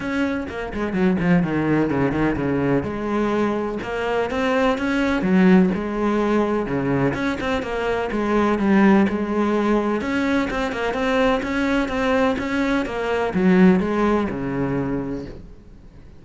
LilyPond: \new Staff \with { instrumentName = "cello" } { \time 4/4 \tempo 4 = 126 cis'4 ais8 gis8 fis8 f8 dis4 | cis8 dis8 cis4 gis2 | ais4 c'4 cis'4 fis4 | gis2 cis4 cis'8 c'8 |
ais4 gis4 g4 gis4~ | gis4 cis'4 c'8 ais8 c'4 | cis'4 c'4 cis'4 ais4 | fis4 gis4 cis2 | }